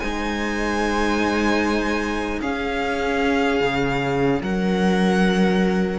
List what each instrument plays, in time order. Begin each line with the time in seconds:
0.00 cello G#3 D#4, viola C5, violin G#5
2.40 cello C#4, viola G#4, violin F5
3.61 cello C#3
4.42 cello F#3, viola A#4, violin F#5